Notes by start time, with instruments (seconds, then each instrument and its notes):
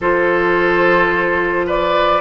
0.00 bassoon F3, clarinet F4, oboe A4, flute C5
1.66 oboe B4, flute D5